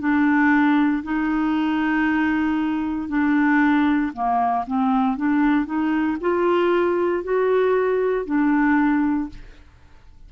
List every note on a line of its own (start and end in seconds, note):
0.00 1.03 D4
1.03 3.09 D#4
3.09 4.12 D4
4.13 4.65 A#3
4.67 5.17 C4
5.17 5.66 D4
5.66 6.18 D#4
6.21 7.24 F4
7.24 8.26 F#4
8.26 9.30 D4